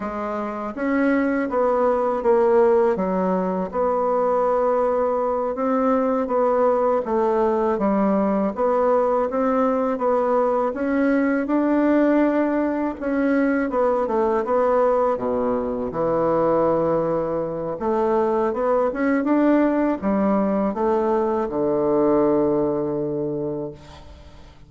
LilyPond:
\new Staff \with { instrumentName = "bassoon" } { \time 4/4 \tempo 4 = 81 gis4 cis'4 b4 ais4 | fis4 b2~ b8 c'8~ | c'8 b4 a4 g4 b8~ | b8 c'4 b4 cis'4 d'8~ |
d'4. cis'4 b8 a8 b8~ | b8 b,4 e2~ e8 | a4 b8 cis'8 d'4 g4 | a4 d2. | }